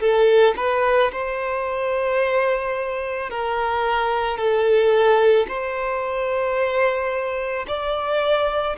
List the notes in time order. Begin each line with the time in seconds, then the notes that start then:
0.00 A4
0.57 B4
1.12 C5
3.30 A#4
4.37 A4
5.48 C5
7.68 D5